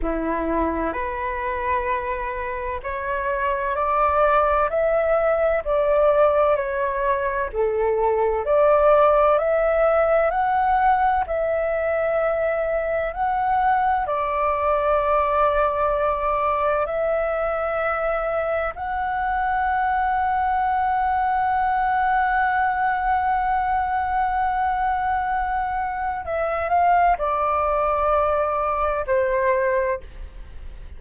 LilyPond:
\new Staff \with { instrumentName = "flute" } { \time 4/4 \tempo 4 = 64 e'4 b'2 cis''4 | d''4 e''4 d''4 cis''4 | a'4 d''4 e''4 fis''4 | e''2 fis''4 d''4~ |
d''2 e''2 | fis''1~ | fis''1 | e''8 f''8 d''2 c''4 | }